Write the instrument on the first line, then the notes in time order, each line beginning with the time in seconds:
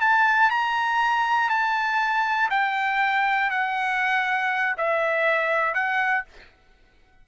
trumpet
0.00 A5
0.50 A#5
1.49 A5
2.50 G5
3.50 F#5
4.77 E5
5.74 F#5